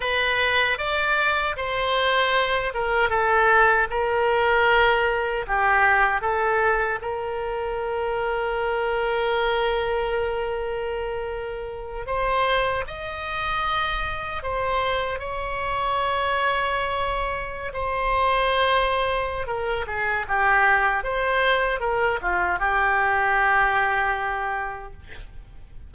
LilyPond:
\new Staff \with { instrumentName = "oboe" } { \time 4/4 \tempo 4 = 77 b'4 d''4 c''4. ais'8 | a'4 ais'2 g'4 | a'4 ais'2.~ | ais'2.~ ais'8 c''8~ |
c''8 dis''2 c''4 cis''8~ | cis''2~ cis''8. c''4~ c''16~ | c''4 ais'8 gis'8 g'4 c''4 | ais'8 f'8 g'2. | }